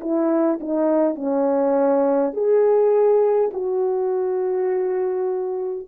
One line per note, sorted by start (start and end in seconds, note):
0.00 0.59 E4
0.60 1.15 D#4
1.15 2.33 C#4
2.33 3.51 G#4
3.53 5.87 F#4